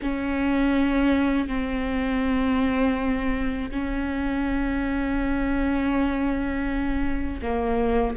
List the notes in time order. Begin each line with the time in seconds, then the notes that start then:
0.02 C#4
1.48 C4
3.70 C#4
7.41 A#3